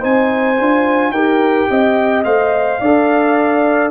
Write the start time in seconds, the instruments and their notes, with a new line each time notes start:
0.00 tuba C4, trombone D#4, horn C5, trumpet G#5
0.60 tuba D4, trombone F4
1.10 tuba D#4, trombone G4, horn A#4, trumpet G5
1.70 tuba C4, horn D#5
2.25 tuba A3, trombone C5, trumpet F5
2.81 tuba D4, trombone A4, horn D5